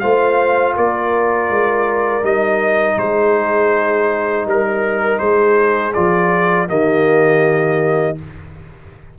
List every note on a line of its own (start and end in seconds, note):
0.00 0.77 A3
0.00 2.23 F4
0.00 0.75 C5
0.00 0.74 F5
0.76 1.50 A#3
0.76 2.99 A#4
0.76 2.25 D5
1.50 2.23 G#3
2.23 2.97 G3
2.23 5.93 D#4
2.23 2.99 D#5
2.98 4.46 G#3
2.98 4.47 G#4
2.98 4.47 C5
4.46 5.20 G3
4.46 5.20 A#4
4.46 5.19 A#4
5.19 5.95 G#3
5.19 6.68 G#4
5.19 5.93 C5
5.94 6.71 F3
5.94 6.68 F4
5.94 6.68 D5
6.68 8.19 D#3
6.68 8.16 A#3
6.68 8.18 G4
6.68 8.18 D#5